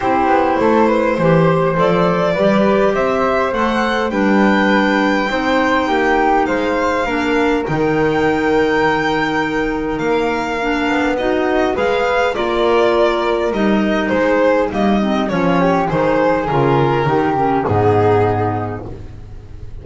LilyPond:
<<
  \new Staff \with { instrumentName = "violin" } { \time 4/4 \tempo 4 = 102 c''2. d''4~ | d''4 e''4 fis''4 g''4~ | g''2. f''4~ | f''4 g''2.~ |
g''4 f''2 dis''4 | f''4 d''2 dis''4 | c''4 dis''4 cis''4 c''4 | ais'2 gis'2 | }
  \new Staff \with { instrumentName = "flute" } { \time 4/4 g'4 a'8 b'8 c''2 | b'4 c''2 b'4~ | b'4 c''4 g'4 c''4 | ais'1~ |
ais'2. fis'4 | b'4 ais'2. | gis'4 dis'4 f'8 g'8 gis'4~ | gis'4 g'4 dis'2 | }
  \new Staff \with { instrumentName = "clarinet" } { \time 4/4 e'2 g'4 a'4 | g'2 a'4 d'4~ | d'4 dis'2. | d'4 dis'2.~ |
dis'2 d'4 dis'4 | gis'4 f'2 dis'4~ | dis'4 ais8 c'8 cis'4 dis'4 | f'4 dis'8 cis'8 b2 | }
  \new Staff \with { instrumentName = "double bass" } { \time 4/4 c'8 b8 a4 e4 f4 | g4 c'4 a4 g4~ | g4 c'4 ais4 gis4 | ais4 dis2.~ |
dis4 ais4. b4. | gis4 ais2 g4 | gis4 g4 f4 dis4 | cis4 dis4 gis,2 | }
>>